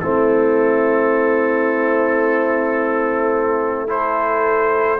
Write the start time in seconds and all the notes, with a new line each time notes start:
0.00 A3 C4 E4 A4
3.87 E4 A4 C5